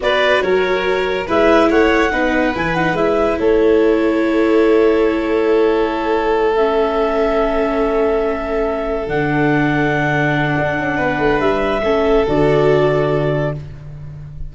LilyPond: <<
  \new Staff \with { instrumentName = "clarinet" } { \time 4/4 \tempo 4 = 142 d''4 cis''2 e''4 | fis''2 gis''8 fis''8 e''4 | cis''1~ | cis''2.~ cis''8 e''8~ |
e''1~ | e''4. fis''2~ fis''8~ | fis''2. e''4~ | e''4 d''2. | }
  \new Staff \with { instrumentName = "violin" } { \time 4/4 b'4 ais'2 b'4 | cis''4 b'2. | a'1~ | a'1~ |
a'1~ | a'1~ | a'2 b'2 | a'1 | }
  \new Staff \with { instrumentName = "viola" } { \time 4/4 fis'2. e'4~ | e'4 dis'4 e'8 dis'8 e'4~ | e'1~ | e'2.~ e'8 cis'8~ |
cis'1~ | cis'4. d'2~ d'8~ | d'1 | cis'4 fis'2. | }
  \new Staff \with { instrumentName = "tuba" } { \time 4/4 b4 fis2 gis4 | a4 b4 e4 gis4 | a1~ | a1~ |
a1~ | a4. d2~ d8~ | d4 d'8 cis'8 b8 a8 g4 | a4 d2. | }
>>